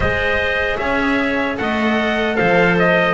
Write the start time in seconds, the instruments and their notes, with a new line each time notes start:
0.00 double bass G#3, cello G#4, clarinet C5, trumpet D#5
0.77 double bass C#4, clarinet C#5, trumpet E5
1.57 double bass A3, cello A4, clarinet D#5, trumpet F#5
2.36 double bass F3, clarinet C5, trumpet F5
2.78 trumpet D#5